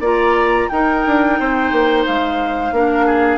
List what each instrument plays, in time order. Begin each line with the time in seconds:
0.00 bassoon A#3, clarinet F4, oboe D5, flute A#5
0.69 bassoon D#4, clarinet D#4, oboe A#4, flute G5
1.06 bassoon D4
1.40 bassoon C4, oboe C5
1.72 bassoon A#3
2.06 bassoon G#3, flute F5
2.72 bassoon A#3, clarinet D4, oboe A#4
3.06 oboe G#4